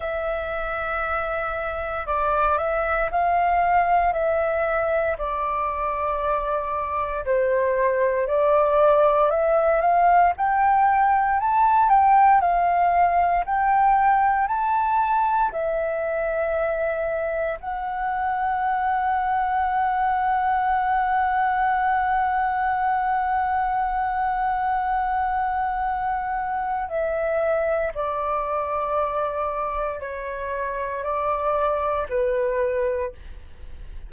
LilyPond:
\new Staff \with { instrumentName = "flute" } { \time 4/4 \tempo 4 = 58 e''2 d''8 e''8 f''4 | e''4 d''2 c''4 | d''4 e''8 f''8 g''4 a''8 g''8 | f''4 g''4 a''4 e''4~ |
e''4 fis''2.~ | fis''1~ | fis''2 e''4 d''4~ | d''4 cis''4 d''4 b'4 | }